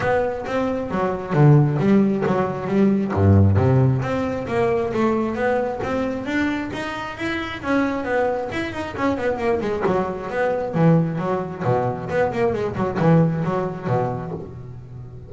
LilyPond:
\new Staff \with { instrumentName = "double bass" } { \time 4/4 \tempo 4 = 134 b4 c'4 fis4 d4 | g4 fis4 g4 g,4 | c4 c'4 ais4 a4 | b4 c'4 d'4 dis'4 |
e'4 cis'4 b4 e'8 dis'8 | cis'8 b8 ais8 gis8 fis4 b4 | e4 fis4 b,4 b8 ais8 | gis8 fis8 e4 fis4 b,4 | }